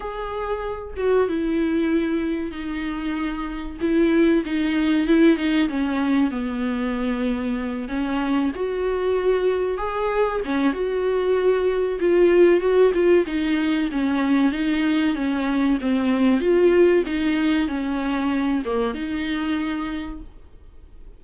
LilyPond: \new Staff \with { instrumentName = "viola" } { \time 4/4 \tempo 4 = 95 gis'4. fis'8 e'2 | dis'2 e'4 dis'4 | e'8 dis'8 cis'4 b2~ | b8 cis'4 fis'2 gis'8~ |
gis'8 cis'8 fis'2 f'4 | fis'8 f'8 dis'4 cis'4 dis'4 | cis'4 c'4 f'4 dis'4 | cis'4. ais8 dis'2 | }